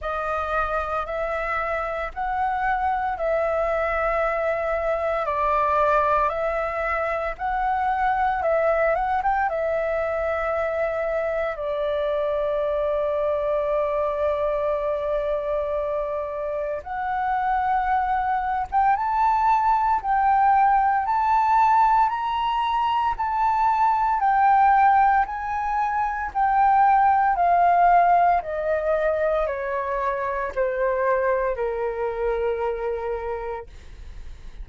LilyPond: \new Staff \with { instrumentName = "flute" } { \time 4/4 \tempo 4 = 57 dis''4 e''4 fis''4 e''4~ | e''4 d''4 e''4 fis''4 | e''8 fis''16 g''16 e''2 d''4~ | d''1 |
fis''4.~ fis''16 g''16 a''4 g''4 | a''4 ais''4 a''4 g''4 | gis''4 g''4 f''4 dis''4 | cis''4 c''4 ais'2 | }